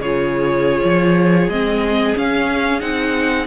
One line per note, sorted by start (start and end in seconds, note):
0.00 0.82 C#3
0.00 1.51 F4
0.00 3.47 G#4
0.00 1.49 C#5
0.84 1.48 F3
1.48 2.14 G#3
1.48 2.15 C4
1.48 2.15 D#5
2.15 2.80 C#4
2.15 2.82 C#4
2.15 2.81 F5
2.80 3.47 C4
2.80 3.46 D#4
2.80 3.47 F#5